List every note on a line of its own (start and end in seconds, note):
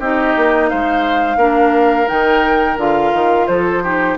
0.00 0.35 C4
0.00 1.39 D#4
0.00 0.70 G4
0.00 0.70 D#5
0.37 0.72 A#3
0.70 1.37 G#3
0.70 1.38 C5
0.70 2.08 F5
1.37 2.07 A#3
1.37 2.07 D4
1.37 3.47 A#4
2.07 2.77 D#3
2.07 2.77 D#4
2.07 2.78 G5
2.77 3.12 D3
2.77 3.83 F4
2.77 3.47 F5
3.14 3.49 D#3
3.47 4.18 F3
3.47 3.83 A4
3.47 4.17 C5
3.83 4.18 D#4
3.83 4.18 G4